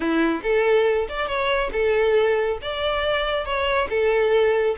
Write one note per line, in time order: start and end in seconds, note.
0.00 0.41 E4
0.42 1.07 A4
1.08 1.27 D5
1.27 1.70 C#5
1.72 2.58 A4
2.61 3.45 D5
3.45 3.88 C#5
3.89 4.75 A4